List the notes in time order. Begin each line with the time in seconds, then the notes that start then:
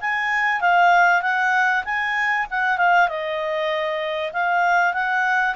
0.00 G#5
0.61 F5
1.22 F#5
1.84 G#5
2.50 F#5
2.78 F5
3.08 D#5
4.32 F5
4.93 F#5